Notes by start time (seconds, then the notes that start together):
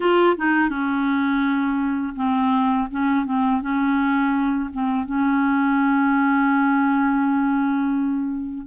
0.00 F4
0.36 D#4
0.69 C#4
2.16 C4
2.90 C#4
3.25 C4
3.61 C#4
4.73 C4
5.05 C#4